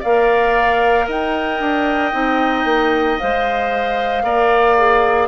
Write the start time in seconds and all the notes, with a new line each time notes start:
0.00 A#3 A#4 D5 F5
1.07 D#4 D#5 G5
1.60 D4
2.12 C4 D#4
2.64 A#3
3.19 G#3 C5 F5
4.23 A#3 A#4 D5
4.77 G#4